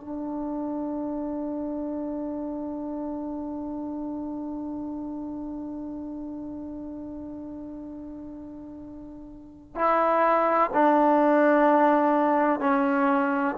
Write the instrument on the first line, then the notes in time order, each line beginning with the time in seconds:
trombone
0.00 D4
9.75 E4
10.74 D4
12.60 C#4